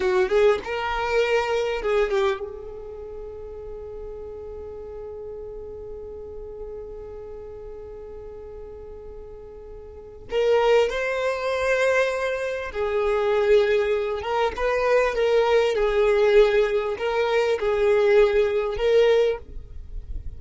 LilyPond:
\new Staff \with { instrumentName = "violin" } { \time 4/4 \tempo 4 = 99 fis'8 gis'8 ais'2 gis'8 g'8 | gis'1~ | gis'1~ | gis'1~ |
gis'4 ais'4 c''2~ | c''4 gis'2~ gis'8 ais'8 | b'4 ais'4 gis'2 | ais'4 gis'2 ais'4 | }